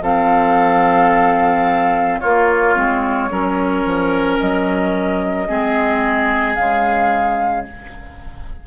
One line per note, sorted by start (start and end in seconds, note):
0.00 2.18 F3
0.00 2.22 C4
0.00 2.20 A4
0.00 2.20 F5
2.20 2.76 A#3
2.20 2.75 A#3
2.20 3.29 F4
2.20 4.38 C#5
2.75 3.30 G#3
2.75 3.29 C4
3.30 3.85 F#3
3.30 5.47 C#4
3.30 5.48 A#4
3.85 4.39 F3
4.39 5.49 F#3
4.39 6.54 D#5
5.47 6.56 G#3
5.47 6.56 C4
5.47 7.66 G#4
6.54 7.65 C#3
6.54 7.66 G#3
6.54 7.63 F5